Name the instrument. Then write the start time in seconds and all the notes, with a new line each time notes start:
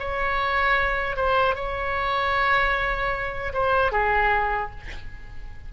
oboe
0.00 C#5
1.17 C5
1.56 C#5
3.54 C5
3.92 G#4